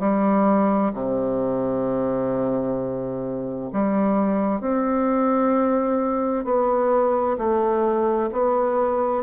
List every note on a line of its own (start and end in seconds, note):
0.00 0.92 G3
0.93 3.70 C3
3.72 4.60 G3
4.60 6.44 C4
6.44 7.37 B3
7.38 8.30 A3
8.32 9.23 B3